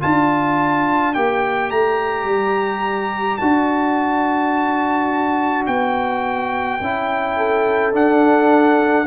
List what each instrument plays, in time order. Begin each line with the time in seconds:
0.00 tuba D4, trombone F4, horn D5, trumpet A5
1.14 tuba A#3, trombone G4, trumpet G5
1.70 tuba A3, trumpet A#5
2.24 tuba G3
3.37 tuba D4, trombone F#4, trumpet A5
5.66 tuba B3, trumpet G5
6.80 tuba C#4, trombone E4
7.36 horn A4
7.92 trombone D4, tuba D4, trumpet F#5